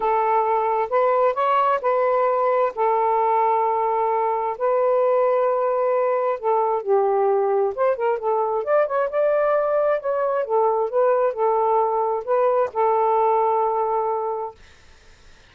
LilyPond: \new Staff \with { instrumentName = "saxophone" } { \time 4/4 \tempo 4 = 132 a'2 b'4 cis''4 | b'2 a'2~ | a'2 b'2~ | b'2 a'4 g'4~ |
g'4 c''8 ais'8 a'4 d''8 cis''8 | d''2 cis''4 a'4 | b'4 a'2 b'4 | a'1 | }